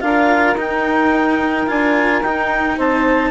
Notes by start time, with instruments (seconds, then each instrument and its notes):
0.00 bassoon D4, cello F4, saxophone A#4, clarinet F5
0.55 bassoon D#4, cello D#4, clarinet G5
1.66 bassoon D4, cello F4, clarinet G#5
2.22 bassoon D#4, cello D#4, clarinet G5
2.77 bassoon C4, saxophone C5, clarinet A5